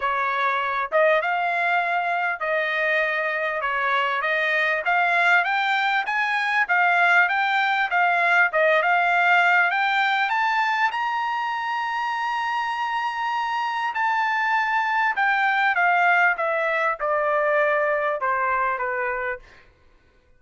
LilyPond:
\new Staff \with { instrumentName = "trumpet" } { \time 4/4 \tempo 4 = 99 cis''4. dis''8 f''2 | dis''2 cis''4 dis''4 | f''4 g''4 gis''4 f''4 | g''4 f''4 dis''8 f''4. |
g''4 a''4 ais''2~ | ais''2. a''4~ | a''4 g''4 f''4 e''4 | d''2 c''4 b'4 | }